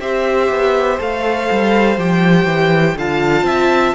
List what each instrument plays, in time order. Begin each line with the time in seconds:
0.00 cello C4, viola G4, violin C5 E5
0.50 cello B3
0.99 cello A3, viola A4, violin F5
1.51 cello G3
1.98 cello F3, viola G4, violin G5
2.45 cello E3
2.96 cello D3, viola F4, violin F5 A5
3.42 cello C4, violin E5